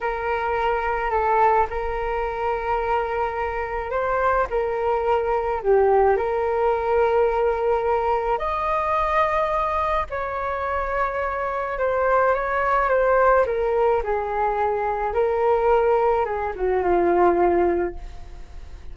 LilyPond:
\new Staff \with { instrumentName = "flute" } { \time 4/4 \tempo 4 = 107 ais'2 a'4 ais'4~ | ais'2. c''4 | ais'2 g'4 ais'4~ | ais'2. dis''4~ |
dis''2 cis''2~ | cis''4 c''4 cis''4 c''4 | ais'4 gis'2 ais'4~ | ais'4 gis'8 fis'8 f'2 | }